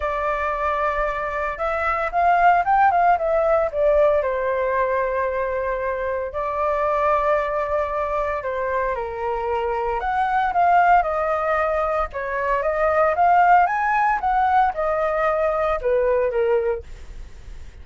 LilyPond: \new Staff \with { instrumentName = "flute" } { \time 4/4 \tempo 4 = 114 d''2. e''4 | f''4 g''8 f''8 e''4 d''4 | c''1 | d''1 |
c''4 ais'2 fis''4 | f''4 dis''2 cis''4 | dis''4 f''4 gis''4 fis''4 | dis''2 b'4 ais'4 | }